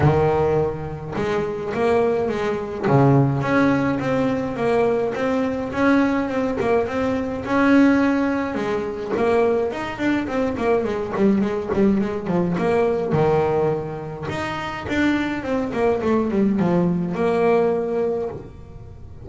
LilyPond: \new Staff \with { instrumentName = "double bass" } { \time 4/4 \tempo 4 = 105 dis2 gis4 ais4 | gis4 cis4 cis'4 c'4 | ais4 c'4 cis'4 c'8 ais8 | c'4 cis'2 gis4 |
ais4 dis'8 d'8 c'8 ais8 gis8 g8 | gis8 g8 gis8 f8 ais4 dis4~ | dis4 dis'4 d'4 c'8 ais8 | a8 g8 f4 ais2 | }